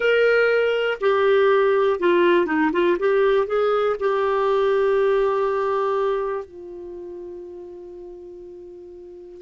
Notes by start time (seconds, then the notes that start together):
0.00 A#4
1.01 G4
1.99 F4
2.45 D#4
2.72 F4
2.99 G4
3.47 G#4
3.99 G4
6.44 F4